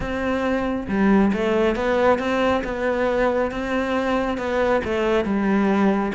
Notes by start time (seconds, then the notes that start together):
0.00 C4
0.88 G3
1.33 A3
1.75 B3
2.18 C4
2.64 B3
3.51 C4
4.37 B3
4.84 A3
5.24 G3